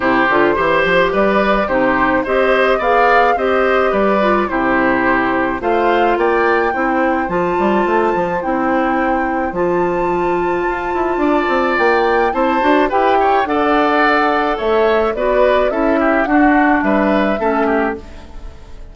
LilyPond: <<
  \new Staff \with { instrumentName = "flute" } { \time 4/4 \tempo 4 = 107 c''2 d''4 c''4 | dis''4 f''4 dis''4 d''4 | c''2 f''4 g''4~ | g''4 a''2 g''4~ |
g''4 a''2.~ | a''4 g''4 a''4 g''4 | fis''2 e''4 d''4 | e''4 fis''4 e''2 | }
  \new Staff \with { instrumentName = "oboe" } { \time 4/4 g'4 c''4 b'4 g'4 | c''4 d''4 c''4 b'4 | g'2 c''4 d''4 | c''1~ |
c''1 | d''2 c''4 b'8 cis''8 | d''2 cis''4 b'4 | a'8 g'8 fis'4 b'4 a'8 g'8 | }
  \new Staff \with { instrumentName = "clarinet" } { \time 4/4 e'8 f'8 g'2 dis'4 | g'4 gis'4 g'4. f'8 | e'2 f'2 | e'4 f'2 e'4~ |
e'4 f'2.~ | f'2 e'8 fis'8 g'4 | a'2. fis'4 | e'4 d'2 cis'4 | }
  \new Staff \with { instrumentName = "bassoon" } { \time 4/4 c8 d8 e8 f8 g4 c4 | c'4 b4 c'4 g4 | c2 a4 ais4 | c'4 f8 g8 a8 f8 c'4~ |
c'4 f2 f'8 e'8 | d'8 c'8 ais4 c'8 d'8 e'4 | d'2 a4 b4 | cis'4 d'4 g4 a4 | }
>>